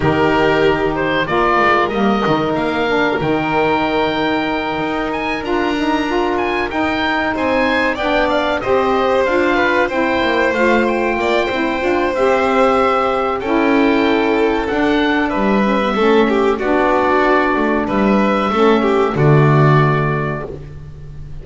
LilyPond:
<<
  \new Staff \with { instrumentName = "oboe" } { \time 4/4 \tempo 4 = 94 ais'4. c''8 d''4 dis''4 | f''4 g''2. | gis''8 ais''4. gis''8 g''4 gis''8~ | gis''8 g''8 f''8 dis''4 f''4 g''8~ |
g''8 f''8 g''2 e''4~ | e''4 g''2 fis''4 | e''2 d''2 | e''2 d''2 | }
  \new Staff \with { instrumentName = "violin" } { \time 4/4 g'2 ais'2~ | ais'1~ | ais'2.~ ais'8 c''8~ | c''8 d''4 c''4. b'8 c''8~ |
c''4. d''8 c''2~ | c''4 a'2. | b'4 a'8 g'8 fis'2 | b'4 a'8 g'8 fis'2 | }
  \new Staff \with { instrumentName = "saxophone" } { \time 4/4 dis'2 f'4 ais8 dis'8~ | dis'8 d'8 dis'2.~ | dis'8 f'8 dis'8 f'4 dis'4.~ | dis'8 d'4 g'4 f'4 e'8~ |
e'8 f'4. e'8 f'8 g'4~ | g'4 e'2 d'4~ | d'8 cis'16 b16 cis'4 d'2~ | d'4 cis'4 a2 | }
  \new Staff \with { instrumentName = "double bass" } { \time 4/4 dis2 ais8 gis8 g8 dis8 | ais4 dis2~ dis8 dis'8~ | dis'8 d'2 dis'4 c'8~ | c'8 b4 c'4 d'4 c'8 |
ais8 a4 ais8 c'8 d'8 c'4~ | c'4 cis'2 d'4 | g4 a4 b4. a8 | g4 a4 d2 | }
>>